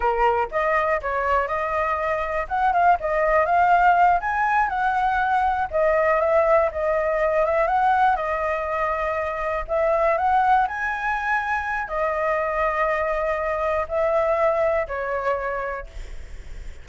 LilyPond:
\new Staff \with { instrumentName = "flute" } { \time 4/4 \tempo 4 = 121 ais'4 dis''4 cis''4 dis''4~ | dis''4 fis''8 f''8 dis''4 f''4~ | f''8 gis''4 fis''2 dis''8~ | dis''8 e''4 dis''4. e''8 fis''8~ |
fis''8 dis''2. e''8~ | e''8 fis''4 gis''2~ gis''8 | dis''1 | e''2 cis''2 | }